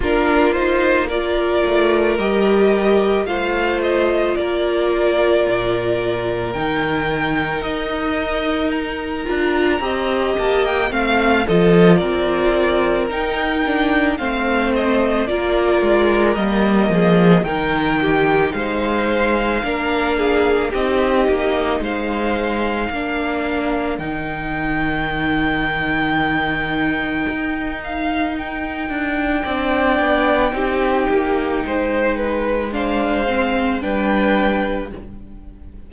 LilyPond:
<<
  \new Staff \with { instrumentName = "violin" } { \time 4/4 \tempo 4 = 55 ais'8 c''8 d''4 dis''4 f''8 dis''8 | d''2 g''4 dis''4 | ais''4. a''16 g''16 f''8 dis''8 d''4 | g''4 f''8 dis''8 d''4 dis''4 |
g''4 f''2 dis''4 | f''2 g''2~ | g''4. f''8 g''2~ | g''2 f''4 g''4 | }
  \new Staff \with { instrumentName = "violin" } { \time 4/4 f'4 ais'2 c''4 | ais'1~ | ais'4 dis''4 f''8 a'8 ais'4~ | ais'4 c''4 ais'4. gis'8 |
ais'8 g'8 c''4 ais'8 gis'8 g'4 | c''4 ais'2.~ | ais'2. d''4 | g'4 c''8 b'8 c''4 b'4 | }
  \new Staff \with { instrumentName = "viola" } { \time 4/4 d'8 dis'8 f'4 g'4 f'4~ | f'2 dis'2~ | dis'8 f'8 g'4 c'8 f'4. | dis'8 d'8 c'4 f'4 ais4 |
dis'2 d'4 dis'4~ | dis'4 d'4 dis'2~ | dis'2. d'4 | dis'2 d'8 c'8 d'4 | }
  \new Staff \with { instrumentName = "cello" } { \time 4/4 ais4. a8 g4 a4 | ais4 ais,4 dis4 dis'4~ | dis'8 d'8 c'8 ais8 a8 f8 c'4 | dis'4 a4 ais8 gis8 g8 f8 |
dis4 gis4 ais4 c'8 ais8 | gis4 ais4 dis2~ | dis4 dis'4. d'8 c'8 b8 | c'8 ais8 gis2 g4 | }
>>